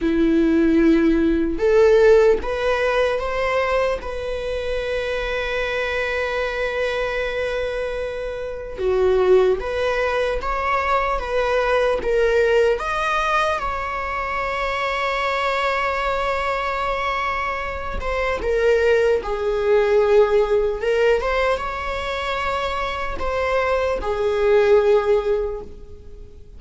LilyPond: \new Staff \with { instrumentName = "viola" } { \time 4/4 \tempo 4 = 75 e'2 a'4 b'4 | c''4 b'2.~ | b'2. fis'4 | b'4 cis''4 b'4 ais'4 |
dis''4 cis''2.~ | cis''2~ cis''8 c''8 ais'4 | gis'2 ais'8 c''8 cis''4~ | cis''4 c''4 gis'2 | }